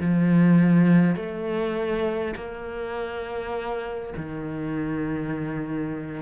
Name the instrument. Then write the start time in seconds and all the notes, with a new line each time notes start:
cello
0.00 F3
1.16 A3
2.35 A#3
4.17 D#3